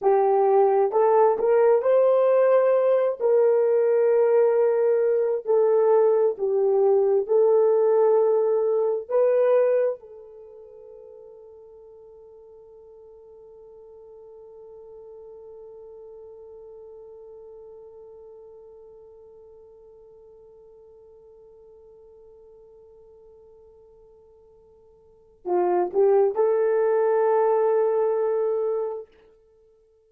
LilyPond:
\new Staff \with { instrumentName = "horn" } { \time 4/4 \tempo 4 = 66 g'4 a'8 ais'8 c''4. ais'8~ | ais'2 a'4 g'4 | a'2 b'4 a'4~ | a'1~ |
a'1~ | a'1~ | a'1 | f'8 g'8 a'2. | }